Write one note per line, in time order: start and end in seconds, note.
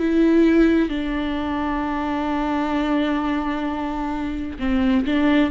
0.00 0.89 E4
0.89 4.59 D4
4.59 5.06 C4
5.06 5.51 D4